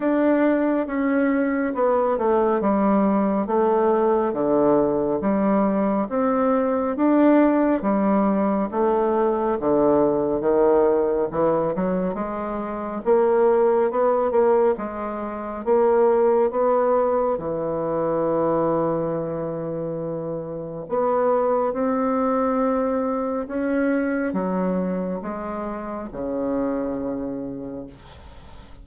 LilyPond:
\new Staff \with { instrumentName = "bassoon" } { \time 4/4 \tempo 4 = 69 d'4 cis'4 b8 a8 g4 | a4 d4 g4 c'4 | d'4 g4 a4 d4 | dis4 e8 fis8 gis4 ais4 |
b8 ais8 gis4 ais4 b4 | e1 | b4 c'2 cis'4 | fis4 gis4 cis2 | }